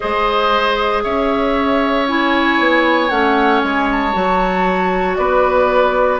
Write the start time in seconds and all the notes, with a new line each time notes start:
0.00 G#3 G#4 C5 D#5
1.03 C#4 C#5 E5
2.07 E4 G#5
2.59 B3
3.09 A3 C#4 F#5
3.61 G#3 G#5
3.91 A5
4.13 F#3 F#4
5.15 B3 B4 D5